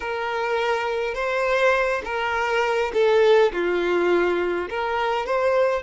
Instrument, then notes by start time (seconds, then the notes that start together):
violin
0.00 A#4
1.14 C5
2.04 A#4
2.93 A4
3.52 F4
4.69 A#4
5.26 C5